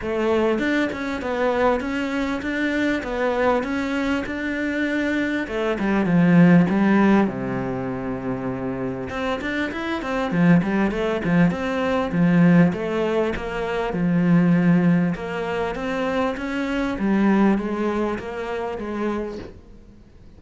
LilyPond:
\new Staff \with { instrumentName = "cello" } { \time 4/4 \tempo 4 = 99 a4 d'8 cis'8 b4 cis'4 | d'4 b4 cis'4 d'4~ | d'4 a8 g8 f4 g4 | c2. c'8 d'8 |
e'8 c'8 f8 g8 a8 f8 c'4 | f4 a4 ais4 f4~ | f4 ais4 c'4 cis'4 | g4 gis4 ais4 gis4 | }